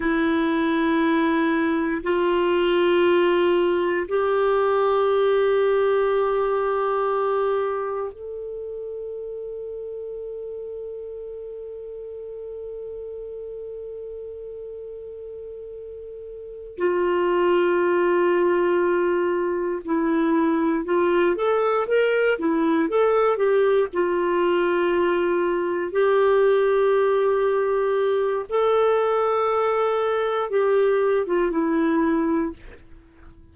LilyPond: \new Staff \with { instrumentName = "clarinet" } { \time 4/4 \tempo 4 = 59 e'2 f'2 | g'1 | a'1~ | a'1~ |
a'8 f'2. e'8~ | e'8 f'8 a'8 ais'8 e'8 a'8 g'8 f'8~ | f'4. g'2~ g'8 | a'2 g'8. f'16 e'4 | }